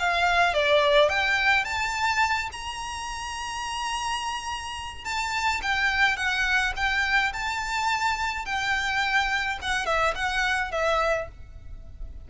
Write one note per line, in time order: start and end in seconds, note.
0.00 0.54 F5
0.54 1.09 D5
1.09 1.65 G5
1.65 2.50 A5
2.53 5.05 A#5
5.05 5.62 A5
5.63 6.17 G5
6.17 6.74 F#5
6.76 7.33 G5
7.34 8.46 A5
8.46 9.59 G5
9.62 9.86 F#5
9.86 10.15 E5
10.16 10.72 F#5
10.72 11.29 E5